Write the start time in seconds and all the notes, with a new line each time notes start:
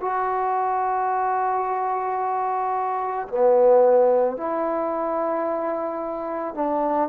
0.00 F#4
3.28 B3
4.36 E4
6.55 D4